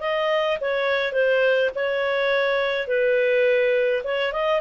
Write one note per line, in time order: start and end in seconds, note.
0.00 0.58 D#5
0.61 1.12 C#5
1.12 1.70 C5
1.75 2.87 C#5
2.87 4.03 B4
4.04 4.32 C#5
4.32 4.61 D#5